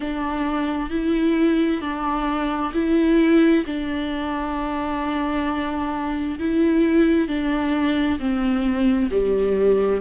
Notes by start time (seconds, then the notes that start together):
0.00 D4
0.90 E4
1.81 D4
2.73 E4
3.66 D4
6.39 E4
7.27 D4
8.19 C4
9.10 G3